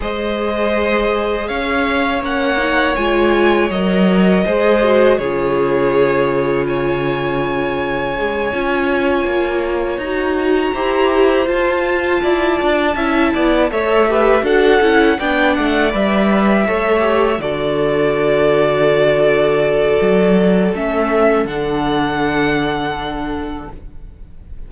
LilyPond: <<
  \new Staff \with { instrumentName = "violin" } { \time 4/4 \tempo 4 = 81 dis''2 f''4 fis''4 | gis''4 dis''2 cis''4~ | cis''4 gis''2.~ | gis''4. ais''2 a''8~ |
a''2~ a''8 e''4 fis''8~ | fis''8 g''8 fis''8 e''2 d''8~ | d''1 | e''4 fis''2. | }
  \new Staff \with { instrumentName = "violin" } { \time 4/4 c''2 cis''2~ | cis''2 c''4 gis'4~ | gis'4 cis''2.~ | cis''2~ cis''8 c''4.~ |
c''8 d''4 e''8 d''8 cis''8 b'8 a'8~ | a'8 d''2 cis''4 a'8~ | a'1~ | a'1 | }
  \new Staff \with { instrumentName = "viola" } { \time 4/4 gis'2. cis'8 dis'8 | f'4 ais'4 gis'8 fis'8 f'4~ | f'2. gis8 f'8~ | f'4. fis'4 g'4 f'8~ |
f'4. e'4 a'8 g'8 fis'8 | e'8 d'4 b'4 a'8 g'8 fis'8~ | fis'1 | cis'4 d'2. | }
  \new Staff \with { instrumentName = "cello" } { \time 4/4 gis2 cis'4 ais4 | gis4 fis4 gis4 cis4~ | cis2.~ cis8 cis'8~ | cis'8 ais4 dis'4 e'4 f'8~ |
f'8 e'8 d'8 cis'8 b8 a4 d'8 | cis'8 b8 a8 g4 a4 d8~ | d2. fis4 | a4 d2. | }
>>